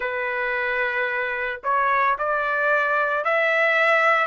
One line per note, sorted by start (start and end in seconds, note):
0.00 1.61 B4
1.63 2.17 C#5
2.18 3.24 D5
3.24 4.27 E5